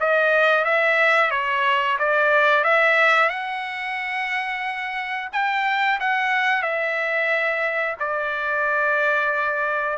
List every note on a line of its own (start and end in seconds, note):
0.00 0.65 D#5
0.65 1.31 E5
1.31 1.98 C#5
1.99 2.64 D5
2.64 3.29 E5
3.29 5.29 F#5
5.33 5.99 G5
6.00 6.63 F#5
6.63 7.96 E5
8.00 9.98 D5